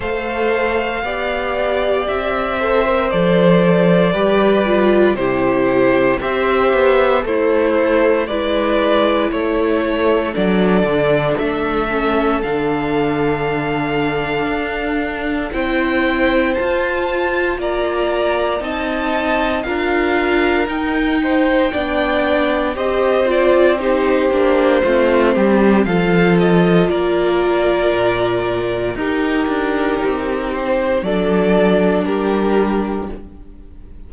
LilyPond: <<
  \new Staff \with { instrumentName = "violin" } { \time 4/4 \tempo 4 = 58 f''2 e''4 d''4~ | d''4 c''4 e''4 c''4 | d''4 cis''4 d''4 e''4 | f''2. g''4 |
a''4 ais''4 a''4 f''4 | g''2 dis''8 d''8 c''4~ | c''4 f''8 dis''8 d''2 | ais'4. c''8 d''4 ais'4 | }
  \new Staff \with { instrumentName = "violin" } { \time 4/4 c''4 d''4. c''4. | b'4 g'4 c''4 e'4 | b'4 a'2.~ | a'2. c''4~ |
c''4 d''4 dis''4 ais'4~ | ais'8 c''8 d''4 c''4 g'4 | f'8 g'8 a'4 ais'2 | g'2 a'4 g'4 | }
  \new Staff \with { instrumentName = "viola" } { \time 4/4 a'4 g'4. a'16 ais'16 a'4 | g'8 f'8 e'4 g'4 a'4 | e'2 d'4. cis'8 | d'2. e'4 |
f'2 dis'4 f'4 | dis'4 d'4 g'8 f'8 dis'8 d'8 | c'4 f'2. | dis'2 d'2 | }
  \new Staff \with { instrumentName = "cello" } { \time 4/4 a4 b4 c'4 f4 | g4 c4 c'8 b8 a4 | gis4 a4 fis8 d8 a4 | d2 d'4 c'4 |
f'4 ais4 c'4 d'4 | dis'4 b4 c'4. ais8 | a8 g8 f4 ais4 ais,4 | dis'8 d'8 c'4 fis4 g4 | }
>>